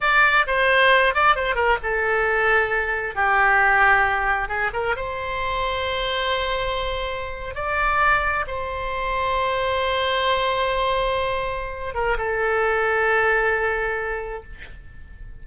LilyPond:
\new Staff \with { instrumentName = "oboe" } { \time 4/4 \tempo 4 = 133 d''4 c''4. d''8 c''8 ais'8 | a'2. g'4~ | g'2 gis'8 ais'8 c''4~ | c''1~ |
c''8. d''2 c''4~ c''16~ | c''1~ | c''2~ c''8 ais'8 a'4~ | a'1 | }